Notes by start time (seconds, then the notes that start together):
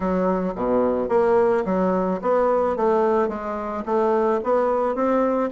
0.00 F#3
0.55 B2
1.08 A#3
1.65 F#3
2.21 B3
2.76 A3
3.28 G#3
3.85 A3
4.43 B3
4.95 C4